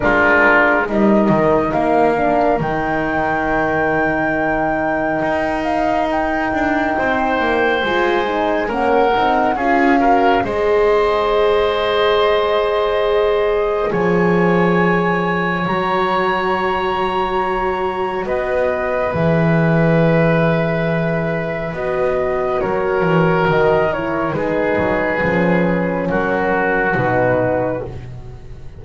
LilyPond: <<
  \new Staff \with { instrumentName = "flute" } { \time 4/4 \tempo 4 = 69 ais'4 dis''4 f''4 g''4~ | g''2~ g''8 f''8 g''4~ | g''4 gis''4 fis''4 f''4 | dis''1 |
gis''2 ais''2~ | ais''4 dis''4 e''2~ | e''4 dis''4 cis''4 dis''8 cis''8 | b'2 ais'4 b'4 | }
  \new Staff \with { instrumentName = "oboe" } { \time 4/4 f'4 ais'2.~ | ais'1 | c''2 ais'4 gis'8 ais'8 | c''1 |
cis''1~ | cis''4 b'2.~ | b'2 ais'2 | gis'2 fis'2 | }
  \new Staff \with { instrumentName = "horn" } { \time 4/4 d'4 dis'4. d'8 dis'4~ | dis'1~ | dis'4 f'8 dis'8 cis'8 dis'8 f'8 fis'8 | gis'1~ |
gis'2 fis'2~ | fis'2 gis'2~ | gis'4 fis'2~ fis'8 e'8 | dis'4 cis'2 dis'4 | }
  \new Staff \with { instrumentName = "double bass" } { \time 4/4 gis4 g8 dis8 ais4 dis4~ | dis2 dis'4. d'8 | c'8 ais8 gis4 ais8 c'8 cis'4 | gis1 |
f2 fis2~ | fis4 b4 e2~ | e4 b4 fis8 e8 dis4 | gis8 fis8 f4 fis4 b,4 | }
>>